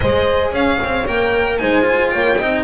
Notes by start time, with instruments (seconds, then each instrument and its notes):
0.00 double bass G#3, cello G#4, horn C5, violin D#5
0.51 double bass C#4, horn C#5, violin F5
0.83 double bass C4
1.06 double bass A#3, cello A#4, violin G5
1.57 double bass G#3, cello D#4, horn C5, violin G#5
1.82 cello F4
2.10 double bass A#3, horn C#5, violin G5
2.38 double bass C4, cello D#4, horn D#5